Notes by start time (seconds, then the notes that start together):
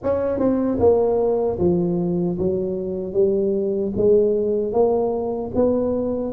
0.03 C#4
0.39 C4
0.79 A#3
1.58 F3
2.38 F#3
3.13 G3
3.97 G#3
4.72 A#3
5.54 B3